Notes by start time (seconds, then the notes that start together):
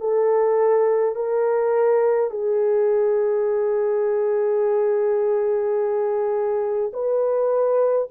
0.00 A4
1.15 A#4
2.30 G#4
6.93 B4